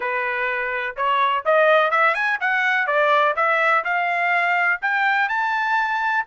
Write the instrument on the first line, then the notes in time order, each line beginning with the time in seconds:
trumpet
0.00 B4
0.96 C#5
1.45 D#5
1.90 E5
2.14 G#5
2.40 F#5
2.87 D5
3.36 E5
3.84 F5
4.81 G5
5.28 A5